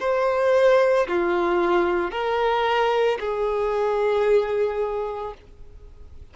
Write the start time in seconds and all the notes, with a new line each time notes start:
0.00 C5
1.08 F4
2.11 A#4
3.20 G#4